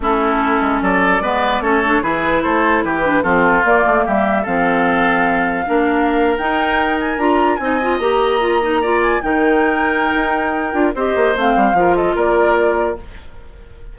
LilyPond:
<<
  \new Staff \with { instrumentName = "flute" } { \time 4/4 \tempo 4 = 148 a'2 d''2 | cis''4 b'4 c''4 b'4 | a'4 d''4 e''4 f''4~ | f''2.~ f''8. g''16~ |
g''4~ g''16 gis''8 ais''4 gis''4 ais''16~ | ais''2~ ais''16 gis''8 g''4~ g''16~ | g''2. dis''4 | f''4. dis''8 d''2 | }
  \new Staff \with { instrumentName = "oboe" } { \time 4/4 e'2 a'4 b'4 | a'4 gis'4 a'4 g'4 | f'2 g'4 a'4~ | a'2 ais'2~ |
ais'2~ ais'8. dis''4~ dis''16~ | dis''4.~ dis''16 d''4 ais'4~ ais'16~ | ais'2. c''4~ | c''4 ais'8 a'8 ais'2 | }
  \new Staff \with { instrumentName = "clarinet" } { \time 4/4 cis'2. b4 | cis'8 d'8 e'2~ e'8 d'8 | c'4 ais2 c'4~ | c'2 d'4.~ d'16 dis'16~ |
dis'4.~ dis'16 f'4 dis'8 f'8 g'16~ | g'8. f'8 dis'8 f'4 dis'4~ dis'16~ | dis'2~ dis'8 f'8 g'4 | c'4 f'2. | }
  \new Staff \with { instrumentName = "bassoon" } { \time 4/4 a4. gis8 fis4 gis4 | a4 e4 a4 e4 | f4 ais8 a8 g4 f4~ | f2 ais4.~ ais16 dis'16~ |
dis'4.~ dis'16 d'4 c'4 ais16~ | ais2~ ais8. dis4~ dis16~ | dis4 dis'4. d'8 c'8 ais8 | a8 g8 f4 ais2 | }
>>